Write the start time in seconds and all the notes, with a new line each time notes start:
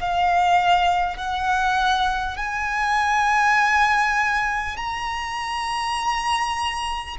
0.00 F5
1.17 F#5
2.37 G#5
4.77 A#5